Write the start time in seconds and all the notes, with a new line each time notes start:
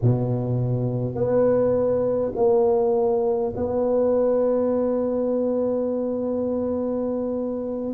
0.02 B2
1.14 B3
2.35 A#3
3.56 B3